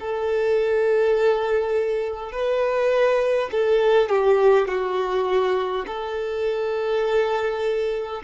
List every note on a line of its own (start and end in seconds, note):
0.00 2.32 A4
2.32 3.50 B4
3.51 4.09 A4
4.09 4.68 G4
4.68 5.86 F#4
5.87 8.22 A4